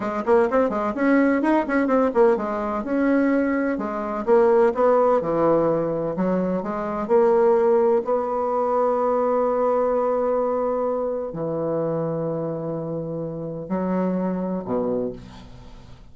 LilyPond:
\new Staff \with { instrumentName = "bassoon" } { \time 4/4 \tempo 4 = 127 gis8 ais8 c'8 gis8 cis'4 dis'8 cis'8 | c'8 ais8 gis4 cis'2 | gis4 ais4 b4 e4~ | e4 fis4 gis4 ais4~ |
ais4 b2.~ | b1 | e1~ | e4 fis2 b,4 | }